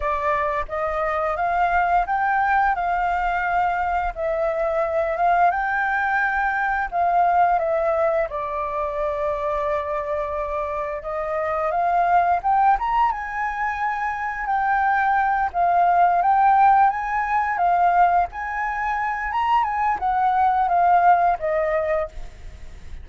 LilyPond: \new Staff \with { instrumentName = "flute" } { \time 4/4 \tempo 4 = 87 d''4 dis''4 f''4 g''4 | f''2 e''4. f''8 | g''2 f''4 e''4 | d''1 |
dis''4 f''4 g''8 ais''8 gis''4~ | gis''4 g''4. f''4 g''8~ | g''8 gis''4 f''4 gis''4. | ais''8 gis''8 fis''4 f''4 dis''4 | }